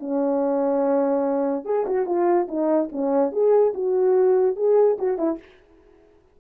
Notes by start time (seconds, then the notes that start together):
0.00 C#4
1.65 G#4
1.87 F#4
2.06 F4
2.48 D#4
2.92 C#4
3.32 G#4
3.74 F#4
4.56 G#4
4.99 F#4
5.18 E4